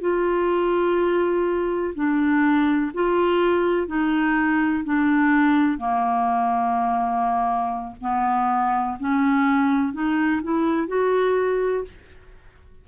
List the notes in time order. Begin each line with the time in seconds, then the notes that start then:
0.00 F4
1.94 D4
2.93 F4
3.87 D#4
4.84 D4
5.78 A#3
8.00 B3
8.99 C#4
9.93 D#4
10.43 E4
10.87 F#4